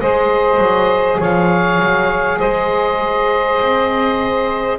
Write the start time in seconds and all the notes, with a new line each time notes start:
0.00 G#3 G#4 C5 D#5
0.58 F#3
1.18 F3 C#5 F5
1.80 F#3
2.39 G#3 C5 D#5
3.61 C4